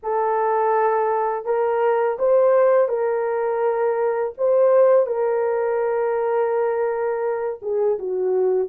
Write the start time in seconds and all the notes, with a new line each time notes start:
0.02 A4
1.45 A#4
2.19 C5
2.88 A#4
4.37 C5
5.06 A#4
7.62 G#4
7.98 F#4